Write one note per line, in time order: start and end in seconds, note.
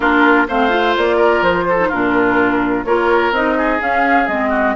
0.00 0.47 A#3
0.00 0.47 D4
0.00 0.47 F4
0.00 0.47 A#4
0.48 0.96 A3
0.48 0.69 C4
0.48 1.16 C5
0.48 0.96 F5
0.69 1.76 F4
0.97 1.41 A#3
0.97 1.43 D5
1.16 1.63 A#4
1.41 1.89 F3
1.41 1.91 C5
1.69 1.88 A4
1.79 1.91 D#4
1.88 2.84 A#2
1.88 2.86 D4
1.88 2.83 F4
1.88 2.84 A#4
2.84 3.31 A#3
2.84 3.33 F4
2.84 3.57 A#4
2.84 3.32 C#5
3.31 3.79 C4
3.31 3.79 D#4
3.31 3.81 D#5
3.57 4.49 G#4
3.79 4.27 C#4
3.79 4.28 C#4
3.79 4.27 F5
4.27 4.75 G#3
4.27 4.75 C4
4.27 4.75 D#5
4.49 4.73 F#4